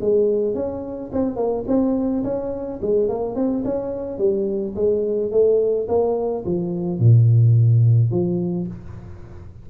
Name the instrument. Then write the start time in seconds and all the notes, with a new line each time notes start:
tuba
0.00 G#3
0.54 C#4
1.12 C4
1.36 A#3
1.67 C4
2.24 C#4
2.81 G#3
3.08 A#3
3.35 C4
3.64 C#4
4.18 G3
4.75 G#3
5.31 A3
5.88 A#3
6.45 F3
6.99 A#2
8.11 F3